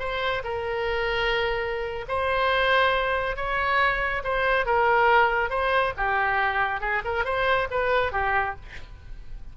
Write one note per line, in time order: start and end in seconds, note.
0.00 0.43 C5
0.44 2.06 A#4
2.09 3.36 C5
3.36 4.23 C#5
4.24 4.66 C5
4.66 5.50 A#4
5.50 5.93 C5
5.97 6.81 G4
6.81 7.03 G#4
7.05 7.25 A#4
7.25 7.68 C5
7.71 8.13 B4
8.13 8.56 G4